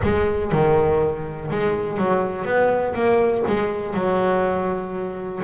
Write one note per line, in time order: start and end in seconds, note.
0.03 0.51 G#3
0.51 1.50 D#3
1.50 1.97 G#3
1.97 2.44 F#3
2.44 2.94 B3
2.94 3.43 A#3
3.47 3.94 G#3
3.94 5.41 F#3